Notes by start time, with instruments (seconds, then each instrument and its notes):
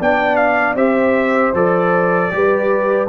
0.00 tuba B3, trombone D4, horn D5, trumpet G5
0.36 trumpet F5
0.75 tuba C4, trombone G4, horn C5, trumpet E5
1.54 tuba F3, trombone A4, trumpet D5
2.31 tuba G3, trombone G4, horn B4